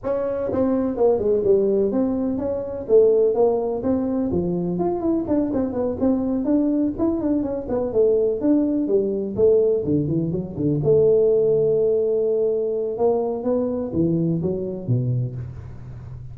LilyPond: \new Staff \with { instrumentName = "tuba" } { \time 4/4 \tempo 4 = 125 cis'4 c'4 ais8 gis8 g4 | c'4 cis'4 a4 ais4 | c'4 f4 f'8 e'8 d'8 c'8 | b8 c'4 d'4 e'8 d'8 cis'8 |
b8 a4 d'4 g4 a8~ | a8 d8 e8 fis8 d8 a4.~ | a2. ais4 | b4 e4 fis4 b,4 | }